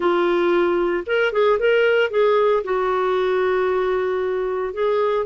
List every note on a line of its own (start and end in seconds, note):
0.00 1.04 F4
1.06 1.32 A#4
1.32 1.58 G#4
1.59 2.10 A#4
2.10 2.63 G#4
2.64 4.73 F#4
4.73 5.25 G#4